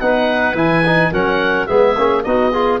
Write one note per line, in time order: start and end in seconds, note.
0.00 0.54 B3
0.00 0.54 D#4
0.00 1.11 B4
0.00 0.56 F#5
0.54 1.10 E3
0.54 0.82 E4
0.54 1.13 G#5
0.86 1.12 D#4
1.11 1.68 F#3
1.11 1.67 C#4
1.11 1.67 A#4
1.11 1.66 F#5
1.66 1.97 G#3
1.66 1.95 B3
1.66 2.23 G#4
1.66 2.22 E5
1.97 2.25 A#3
1.97 2.24 C#4
2.23 2.80 B3
2.23 2.52 D#4
2.23 2.51 F#4
2.23 2.79 D#5
2.51 2.80 F4
2.51 2.79 G#4